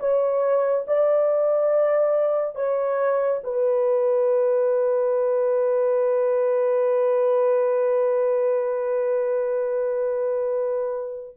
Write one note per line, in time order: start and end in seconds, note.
0.00 0.86 C#5
0.88 2.56 D5
2.56 3.41 C#5
3.44 11.37 B4